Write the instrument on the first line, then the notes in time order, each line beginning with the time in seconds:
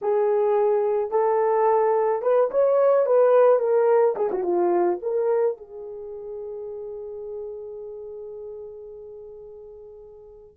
horn
0.01 G#4
1.10 A4
2.22 B4
2.51 C#5
3.06 B4
3.59 A#4
4.16 G#4
4.31 F#4
4.43 F4
5.02 A#4
5.57 G#4